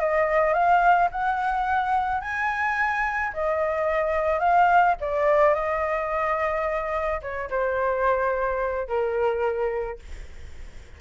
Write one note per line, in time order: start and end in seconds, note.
0.00 0.54 D#5
0.54 1.09 F5
1.12 2.21 F#5
2.21 3.32 G#5
3.34 4.40 D#5
4.40 4.95 F5
5.01 5.55 D5
5.55 7.21 D#5
7.22 7.50 C#5
7.51 8.88 C5
8.88 9.99 A#4